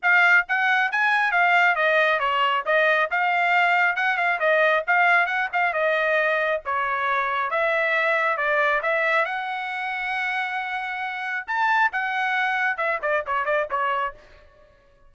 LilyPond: \new Staff \with { instrumentName = "trumpet" } { \time 4/4 \tempo 4 = 136 f''4 fis''4 gis''4 f''4 | dis''4 cis''4 dis''4 f''4~ | f''4 fis''8 f''8 dis''4 f''4 | fis''8 f''8 dis''2 cis''4~ |
cis''4 e''2 d''4 | e''4 fis''2.~ | fis''2 a''4 fis''4~ | fis''4 e''8 d''8 cis''8 d''8 cis''4 | }